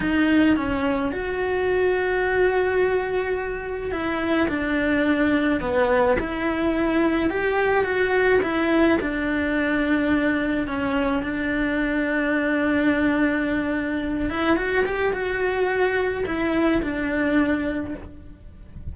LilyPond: \new Staff \with { instrumentName = "cello" } { \time 4/4 \tempo 4 = 107 dis'4 cis'4 fis'2~ | fis'2. e'4 | d'2 b4 e'4~ | e'4 g'4 fis'4 e'4 |
d'2. cis'4 | d'1~ | d'4. e'8 fis'8 g'8 fis'4~ | fis'4 e'4 d'2 | }